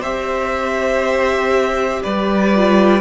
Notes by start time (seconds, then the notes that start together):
0.00 C4 G4 C5 E5
2.03 G3 B4 D5
2.55 F4